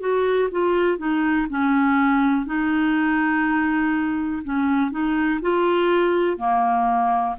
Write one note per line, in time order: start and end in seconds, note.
0.00 0.49 F#4
0.51 0.98 F4
0.98 1.47 D#4
1.49 2.46 C#4
2.46 4.43 D#4
4.44 4.91 C#4
4.91 5.41 D#4
5.41 6.38 F4
6.38 7.36 A#3